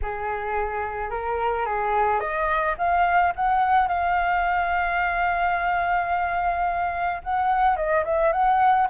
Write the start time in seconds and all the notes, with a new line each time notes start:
0.02 G#4
1.10 A#4
1.65 G#4
2.19 D#5
2.78 F5
3.35 F#5
3.88 F5
7.23 F#5
7.76 D#5
8.04 E5
8.32 F#5